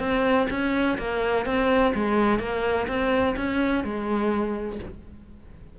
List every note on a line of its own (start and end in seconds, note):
0.00 0.48 C4
0.50 0.98 C#4
0.98 1.46 A#3
1.46 1.94 C4
1.95 2.40 G#3
2.40 2.87 A#3
2.88 3.35 C4
3.37 3.84 C#4
3.84 4.80 G#3